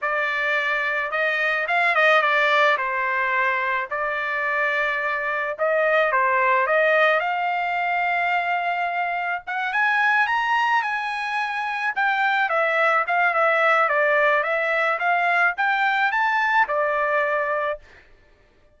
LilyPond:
\new Staff \with { instrumentName = "trumpet" } { \time 4/4 \tempo 4 = 108 d''2 dis''4 f''8 dis''8 | d''4 c''2 d''4~ | d''2 dis''4 c''4 | dis''4 f''2.~ |
f''4 fis''8 gis''4 ais''4 gis''8~ | gis''4. g''4 e''4 f''8 | e''4 d''4 e''4 f''4 | g''4 a''4 d''2 | }